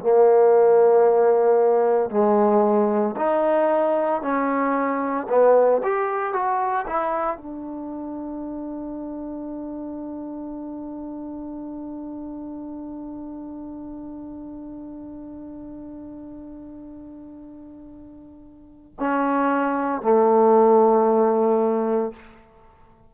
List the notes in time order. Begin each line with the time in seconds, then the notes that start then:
0.00 A#3
2.10 G#3
3.16 D#4
4.22 C#4
5.29 B3
5.83 G4
6.33 F#4
6.87 E4
7.36 D4
18.99 C#4
20.01 A3